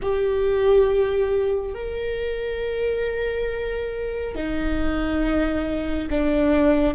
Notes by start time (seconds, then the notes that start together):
0.02 G4
1.74 A#4
4.35 D#4
6.09 D4